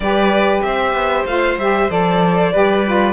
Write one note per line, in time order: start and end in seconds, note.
0.00 0.60 G3
0.00 1.27 G4
0.00 0.65 B4
0.00 0.61 D5
0.62 0.93 C4
0.62 2.52 C5
0.62 1.25 E5
0.93 1.24 B3
1.25 1.57 A3
1.25 1.59 F4
1.25 1.58 F5
1.57 1.88 G3
1.57 1.89 G4
1.57 1.90 E5
1.89 2.53 F3
1.89 2.52 A4
1.89 3.13 D5
2.52 3.13 G3
2.52 2.84 G4
2.52 3.13 B4
2.85 3.13 F4